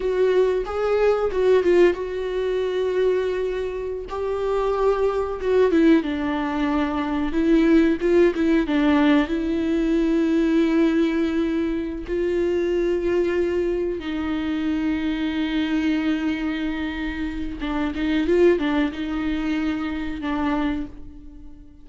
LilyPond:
\new Staff \with { instrumentName = "viola" } { \time 4/4 \tempo 4 = 92 fis'4 gis'4 fis'8 f'8 fis'4~ | fis'2~ fis'16 g'4.~ g'16~ | g'16 fis'8 e'8 d'2 e'8.~ | e'16 f'8 e'8 d'4 e'4.~ e'16~ |
e'2~ e'8 f'4.~ | f'4. dis'2~ dis'8~ | dis'2. d'8 dis'8 | f'8 d'8 dis'2 d'4 | }